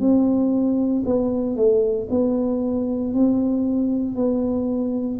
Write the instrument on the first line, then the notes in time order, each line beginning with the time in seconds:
tuba
0.00 C4
1.05 B3
1.57 A3
2.11 B3
3.14 C4
4.16 B3